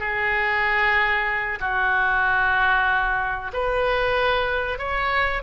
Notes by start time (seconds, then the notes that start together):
0.00 G#4
1.60 F#4
3.54 B4
4.79 C#5